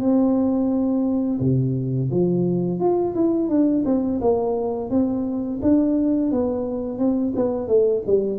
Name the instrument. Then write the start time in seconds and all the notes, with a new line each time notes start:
tuba
0.00 C4
1.40 C3
2.11 F3
2.80 F4
3.15 E4
3.49 D4
3.85 C4
4.21 A#3
4.90 C4
5.62 D4
6.31 B3
6.99 C4
7.36 B3
7.67 A3
8.07 G3